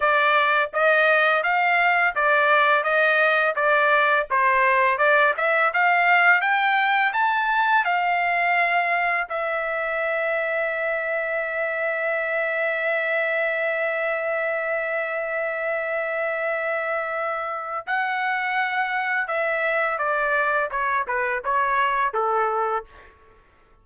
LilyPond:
\new Staff \with { instrumentName = "trumpet" } { \time 4/4 \tempo 4 = 84 d''4 dis''4 f''4 d''4 | dis''4 d''4 c''4 d''8 e''8 | f''4 g''4 a''4 f''4~ | f''4 e''2.~ |
e''1~ | e''1~ | e''4 fis''2 e''4 | d''4 cis''8 b'8 cis''4 a'4 | }